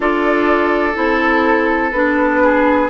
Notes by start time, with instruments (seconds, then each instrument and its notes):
0.00 bassoon D4, clarinet F4, oboe A4, flute D5
0.94 bassoon C4, clarinet E4, flute A4
1.91 bassoon B3, clarinet D4, flute B4
2.43 oboe G#4